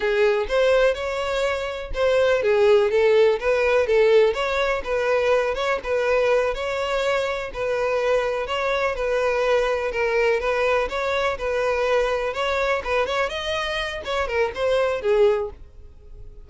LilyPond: \new Staff \with { instrumentName = "violin" } { \time 4/4 \tempo 4 = 124 gis'4 c''4 cis''2 | c''4 gis'4 a'4 b'4 | a'4 cis''4 b'4. cis''8 | b'4. cis''2 b'8~ |
b'4. cis''4 b'4.~ | b'8 ais'4 b'4 cis''4 b'8~ | b'4. cis''4 b'8 cis''8 dis''8~ | dis''4 cis''8 ais'8 c''4 gis'4 | }